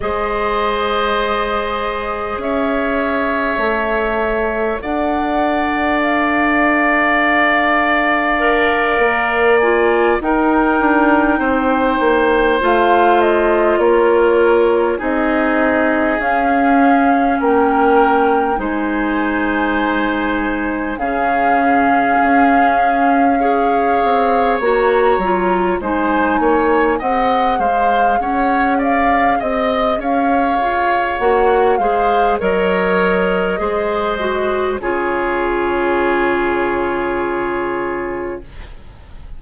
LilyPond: <<
  \new Staff \with { instrumentName = "flute" } { \time 4/4 \tempo 4 = 50 dis''2 e''2 | fis''4 f''2. | gis''8 g''2 f''8 dis''8 cis''8~ | cis''8 dis''4 f''4 g''4 gis''8~ |
gis''4. f''2~ f''8~ | f''8 ais''4 gis''4 fis''8 f''8 fis''8 | f''8 dis''8 f''4 fis''8 f''8 dis''4~ | dis''4 cis''2. | }
  \new Staff \with { instrumentName = "oboe" } { \time 4/4 c''2 cis''2 | d''1~ | d''8 ais'4 c''2 ais'8~ | ais'8 gis'2 ais'4 c''8~ |
c''4. gis'2 cis''8~ | cis''4. c''8 cis''8 dis''8 c''8 cis''8 | d''8 dis''8 cis''4. c''8 cis''4 | c''4 gis'2. | }
  \new Staff \with { instrumentName = "clarinet" } { \time 4/4 gis'2. a'4~ | a'2. ais'4 | f'8 dis'2 f'4.~ | f'8 dis'4 cis'2 dis'8~ |
dis'4. cis'2 gis'8~ | gis'8 fis'8 f'8 dis'4 gis'4.~ | gis'2 fis'8 gis'8 ais'4 | gis'8 fis'8 f'2. | }
  \new Staff \with { instrumentName = "bassoon" } { \time 4/4 gis2 cis'4 a4 | d'2.~ d'8 ais8~ | ais8 dis'8 d'8 c'8 ais8 a4 ais8~ | ais8 c'4 cis'4 ais4 gis8~ |
gis4. cis4 cis'4. | c'8 ais8 fis8 gis8 ais8 c'8 gis8 cis'8~ | cis'8 c'8 cis'8 f'8 ais8 gis8 fis4 | gis4 cis2. | }
>>